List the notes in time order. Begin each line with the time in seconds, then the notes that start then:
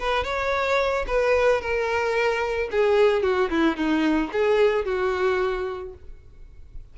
0.00 B4
0.25 C#5
1.08 B4
1.62 A#4
2.71 G#4
3.23 F#4
3.51 E4
3.77 D#4
4.33 G#4
4.86 F#4